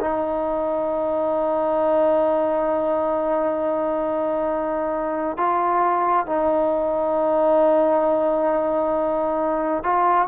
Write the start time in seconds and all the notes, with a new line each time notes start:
0.00 D#4
5.37 F4
6.26 D#4
9.83 F4